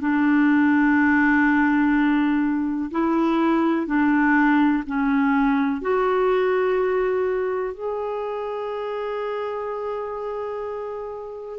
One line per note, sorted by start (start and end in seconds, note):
0.00 2.90 D4
2.91 3.86 E4
3.86 4.83 D4
4.86 5.81 C#4
5.81 7.74 F#4
7.74 11.59 G#4